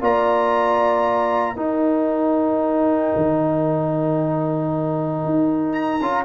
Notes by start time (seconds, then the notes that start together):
0.00 A#3 F4 D5 A#5
1.54 D#4 A#4 G5
3.16 D#3
5.24 D#4
5.72 A#5
6.00 C#4 F4